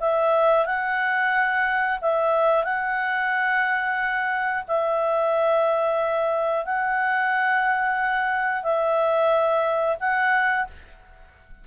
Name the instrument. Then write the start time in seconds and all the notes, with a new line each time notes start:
clarinet
0.00 E5
0.66 F#5
2.01 E5
2.64 F#5
4.68 E5
6.65 F#5
8.63 E5
10.00 F#5